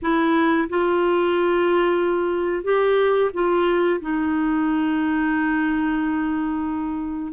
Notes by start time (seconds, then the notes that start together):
0.02 E4
0.69 F4
2.64 G4
3.33 F4
4.01 D#4